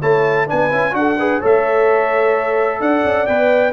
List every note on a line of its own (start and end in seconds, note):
0.00 0.49 A3
0.00 0.47 E4
0.00 0.47 C#5
0.00 0.48 A5
0.47 0.72 B3
0.47 0.70 D4
0.47 0.94 B4
0.47 0.95 G#5
0.71 0.93 C#4
0.71 0.91 E4
0.91 1.39 D4
0.91 1.15 F#4
0.91 1.41 F#5
0.98 1.19 A4
1.19 1.41 G#4
1.19 1.40 B4
1.40 2.80 A3
1.40 3.27 A4
1.40 2.80 C#5
1.40 2.81 E5
2.80 3.03 D4
2.80 3.73 D5
2.80 3.26 F#5
3.04 3.27 C#4
3.26 3.73 B3
3.26 3.73 B4
3.26 3.73 G5